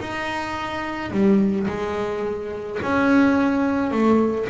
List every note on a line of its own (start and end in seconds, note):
0.00 1.11 D#4
1.11 1.67 G3
1.67 2.79 G#3
2.82 3.91 C#4
3.91 4.47 A3